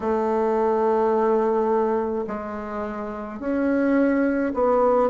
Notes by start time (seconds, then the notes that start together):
0.00 A3
2.27 G#3
3.40 C#4
4.54 B3